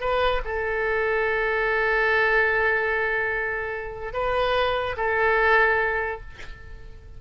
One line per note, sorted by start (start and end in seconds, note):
0.00 0.41 B4
0.44 4.13 A4
4.13 4.96 B4
4.96 6.21 A4